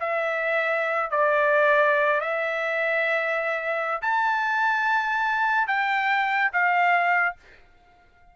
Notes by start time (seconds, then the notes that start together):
0.00 E5
1.11 D5
2.21 E5
4.02 A5
5.68 G5
6.53 F5